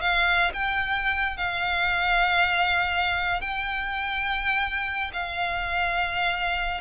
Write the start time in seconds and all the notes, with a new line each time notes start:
0.00 F5
0.53 G5
1.37 F5
3.41 G5
5.13 F5